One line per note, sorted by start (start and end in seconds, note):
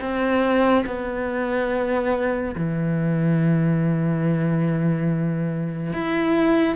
0.00 0.85 C4
0.86 2.55 B3
2.55 5.93 E3
5.93 6.75 E4